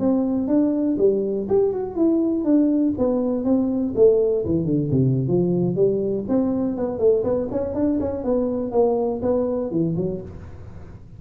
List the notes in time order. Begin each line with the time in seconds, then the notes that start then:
0.00 C4
0.48 D4
0.98 G3
1.49 G4
1.73 F#4
1.96 E4
2.45 D4
2.98 B3
3.45 C4
3.96 A3
4.46 E3
4.66 D3
4.91 C3
5.28 F3
5.76 G3
6.29 C4
6.77 B3
6.99 A3
7.24 B3
7.51 C#4
7.75 D4
8.00 C#4
8.24 B3
8.72 A#3
9.22 B3
9.71 E3
9.97 F#3